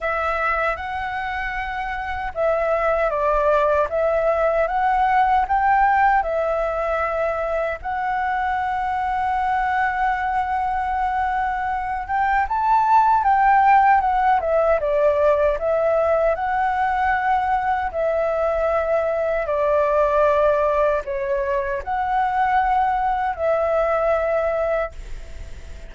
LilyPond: \new Staff \with { instrumentName = "flute" } { \time 4/4 \tempo 4 = 77 e''4 fis''2 e''4 | d''4 e''4 fis''4 g''4 | e''2 fis''2~ | fis''2.~ fis''8 g''8 |
a''4 g''4 fis''8 e''8 d''4 | e''4 fis''2 e''4~ | e''4 d''2 cis''4 | fis''2 e''2 | }